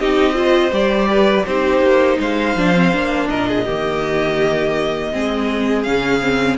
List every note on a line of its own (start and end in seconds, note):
0.00 0.72 C4
0.00 0.34 D#4
0.00 0.36 G4
0.00 0.74 D#5
0.34 0.71 F4
0.34 1.09 C5
0.72 1.45 G3
0.72 1.46 G4
0.72 1.46 D5
1.10 1.47 B4
1.46 1.82 C4
1.46 2.58 D#4
1.46 2.19 G4
1.46 2.19 C5
1.82 2.18 A#3
2.19 2.56 G#3
2.19 3.29 C5
2.19 3.30 F5
2.56 2.93 F3
2.56 2.75 D4
2.75 2.93 C4
2.93 3.31 A#3
2.93 3.66 D4
3.30 3.69 A#2
3.30 3.49 A#4
3.30 5.83 D#5
3.49 3.65 G#4
3.65 5.15 D#3
3.65 5.13 A#3
3.65 5.11 G4
5.13 5.87 G#3
5.13 5.86 C4
5.13 6.59 G#4
5.83 6.59 C#3
5.83 6.21 C#4
5.83 6.57 F5
6.21 6.58 C4